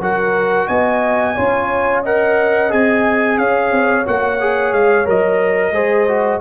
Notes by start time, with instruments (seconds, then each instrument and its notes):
0.00 tuba F#3, trombone F#4, horn A#4, trumpet F#5
0.68 tuba B3, horn D#5, trumpet G#5
1.36 tuba C#4, trombone F4, horn C#5
2.03 trombone A#4, horn D#5, trumpet F#5
2.70 tuba C4, trombone G#4, trumpet G#5
3.38 tuba C#4, horn C#5, trumpet F5
3.72 tuba C4
4.05 tuba A#3, trombone F#4, trumpet F#5
4.40 trombone G#4
4.73 tuba G#3, trumpet F5
5.06 tuba F#3, trombone A#4, trumpet D#5
5.72 tuba G#3, trombone G#4, horn C5
6.09 trombone F#4